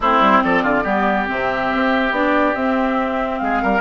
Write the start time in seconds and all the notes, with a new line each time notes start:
0.00 A3 C4 E4 C5
0.19 G3
0.43 F3 A4 D5
0.63 D3 F4
0.83 G3 B3 G4
1.26 C3 C4 E5
1.73 C4
2.11 B3 D4 D5
2.55 C4 E5
3.38 G#3 G#4 F5
3.62 G3 A#4